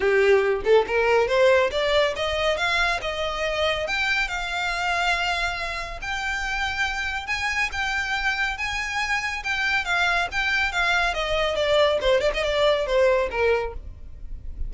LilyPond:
\new Staff \with { instrumentName = "violin" } { \time 4/4 \tempo 4 = 140 g'4. a'8 ais'4 c''4 | d''4 dis''4 f''4 dis''4~ | dis''4 g''4 f''2~ | f''2 g''2~ |
g''4 gis''4 g''2 | gis''2 g''4 f''4 | g''4 f''4 dis''4 d''4 | c''8 d''16 dis''16 d''4 c''4 ais'4 | }